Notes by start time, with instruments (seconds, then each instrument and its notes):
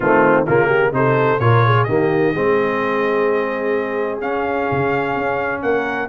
0.00 tuba D#3, trombone A3, horn C4, trumpet F4
0.46 tuba C#3, trombone A#3, horn F4, trumpet A#4
0.66 horn G4
0.92 tuba C3, trombone D#4, horn A4, trumpet C5
1.39 tuba A#2, trombone F4, horn A#4, trumpet C#5
1.65 horn G#4
1.84 tuba D#3, trombone A#3, horn G4, trumpet D#5
2.32 tuba G#3, trombone C4, horn G#4
4.21 tuba C#4, trombone C#4, trumpet F5
4.71 tuba C#3
5.15 tuba C#4
5.62 tuba A#3, horn A#4, trumpet F#5